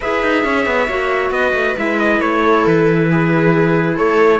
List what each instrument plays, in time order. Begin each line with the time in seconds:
0.00 cello E4, clarinet G#4, viola B4, trumpet E5
0.22 cello D#4
0.44 cello C#4, viola C#5
0.65 cello B3
0.88 cello A#3, clarinet F#4
1.30 cello B3, viola B4, trumpet D#5
1.53 cello A3
1.77 cello G#3, clarinet E4, trumpet E5
1.99 trumpet D#5
2.20 cello A3, trumpet C#5
2.42 viola A4
2.66 cello E3, trumpet B4
3.11 viola G#4
3.96 cello A3, viola A4, trumpet C#5